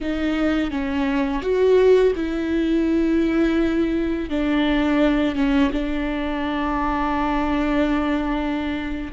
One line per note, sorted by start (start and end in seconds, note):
0.00 0.70 D#4
0.70 1.42 C#4
1.42 2.13 F#4
2.15 4.29 E4
4.29 5.35 D4
5.35 5.70 C#4
5.72 9.11 D4